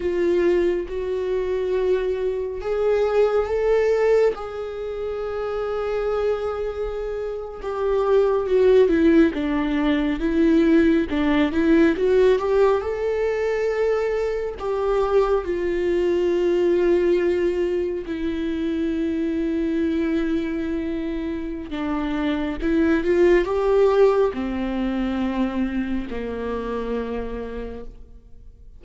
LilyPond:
\new Staff \with { instrumentName = "viola" } { \time 4/4 \tempo 4 = 69 f'4 fis'2 gis'4 | a'4 gis'2.~ | gis'8. g'4 fis'8 e'8 d'4 e'16~ | e'8. d'8 e'8 fis'8 g'8 a'4~ a'16~ |
a'8. g'4 f'2~ f'16~ | f'8. e'2.~ e'16~ | e'4 d'4 e'8 f'8 g'4 | c'2 ais2 | }